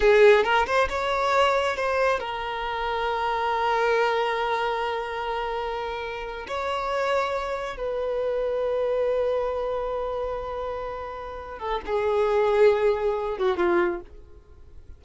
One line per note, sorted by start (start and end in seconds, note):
0.00 0.43 G#4
0.44 0.66 A#4
0.66 0.88 C5
0.89 1.76 C#5
1.76 2.19 C5
2.19 6.46 A#4
6.47 7.76 C#5
7.76 11.58 B4
11.58 11.80 A4
11.86 13.37 G#4
13.37 13.56 F#4
13.56 14.00 F4